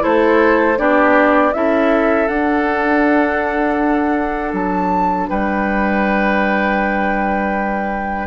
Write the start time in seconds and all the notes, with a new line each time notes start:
0.00 A3 E4 A4 C5
0.78 B3 D4 G4 D5
1.53 C#4 E4 A4 E5
2.28 D4 F#5
4.53 F#3 A5
5.29 G3 B4 G5